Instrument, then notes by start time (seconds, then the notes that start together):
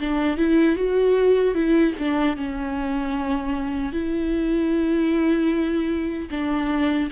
viola
0.00 D4
0.37 E4
0.76 F#4
1.54 E4
1.98 D4
2.36 C#4
3.92 E4
6.31 D4